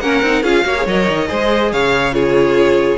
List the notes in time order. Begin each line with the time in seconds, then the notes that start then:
0.00 A#3 C#4 A#4 F#5
0.22 C4 D#4
0.43 C#4 F4 G#4 F5
0.65 A#3 F#4 C#5
0.77 G#4
0.87 F#3 A#4 D#5
1.09 D#3
1.28 G#3 G#4 C5
1.72 C#3 C#5 F5
2.13 F4 G#4 C#5